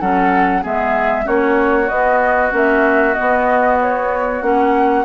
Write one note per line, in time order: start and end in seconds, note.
0.00 0.64 F#3
0.00 0.62 C#4
0.00 0.62 A4
0.00 0.63 F#5
0.62 1.27 G#3
0.62 1.24 B3
0.62 1.25 G#4
0.62 1.27 E5
1.24 1.90 A#3
1.24 1.87 C#4
1.24 5.04 F#4
1.24 1.88 C#5
1.88 2.52 B3
1.88 2.51 B3
1.88 2.52 D#5
2.51 3.15 A#3
2.51 3.14 C#4
2.51 3.14 E5
3.14 4.42 B3
3.14 3.77 D#5
3.20 4.42 B3
3.81 4.42 C#5
4.42 5.05 A#3
4.42 5.05 C#4
4.42 5.05 F#5